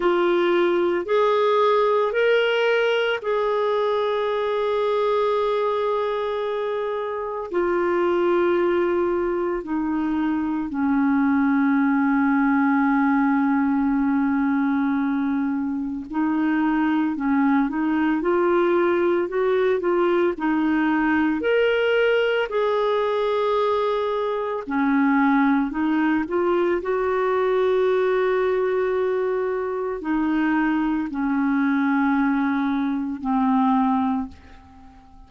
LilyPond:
\new Staff \with { instrumentName = "clarinet" } { \time 4/4 \tempo 4 = 56 f'4 gis'4 ais'4 gis'4~ | gis'2. f'4~ | f'4 dis'4 cis'2~ | cis'2. dis'4 |
cis'8 dis'8 f'4 fis'8 f'8 dis'4 | ais'4 gis'2 cis'4 | dis'8 f'8 fis'2. | dis'4 cis'2 c'4 | }